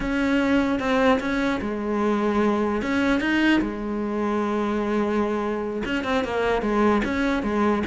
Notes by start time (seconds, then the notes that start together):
0.00 C#4
0.79 C4
1.20 C#4
1.61 G#3
2.82 C#4
3.20 D#4
3.61 G#3
5.85 C#4
6.04 C4
6.24 A#3
6.61 G#3
7.04 C#4
7.42 G#3